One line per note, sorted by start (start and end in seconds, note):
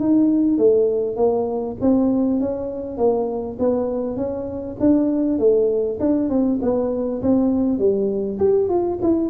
0.00 0.58 D#4
0.58 1.16 A3
1.16 1.76 A#3
1.81 2.41 C4
2.41 2.98 C#4
2.98 3.58 A#3
3.59 4.17 B3
4.17 4.77 C#4
4.80 5.39 D4
5.39 5.99 A3
6.00 6.30 D4
6.30 6.60 C4
6.62 7.22 B3
7.22 7.79 C4
7.79 8.39 G3
8.39 8.69 G4
8.69 8.99 F4
9.02 9.30 E4